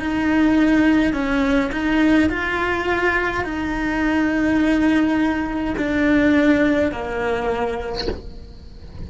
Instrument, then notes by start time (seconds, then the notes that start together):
cello
0.00 D#4
1.13 C#4
1.72 D#4
2.29 F4
3.44 D#4
5.77 D4
6.92 A#3